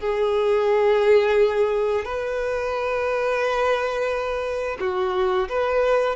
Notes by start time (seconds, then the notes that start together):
0.00 G#4
2.05 B4
4.80 F#4
5.49 B4